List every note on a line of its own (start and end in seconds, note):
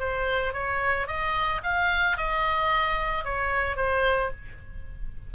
0.00 0.54 C5
0.54 1.08 C#5
1.08 1.62 D#5
1.64 2.18 F5
2.18 3.25 D#5
3.25 3.77 C#5
3.77 4.31 C5